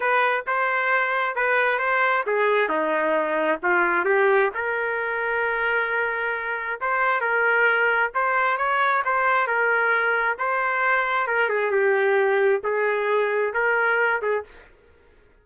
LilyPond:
\new Staff \with { instrumentName = "trumpet" } { \time 4/4 \tempo 4 = 133 b'4 c''2 b'4 | c''4 gis'4 dis'2 | f'4 g'4 ais'2~ | ais'2. c''4 |
ais'2 c''4 cis''4 | c''4 ais'2 c''4~ | c''4 ais'8 gis'8 g'2 | gis'2 ais'4. gis'8 | }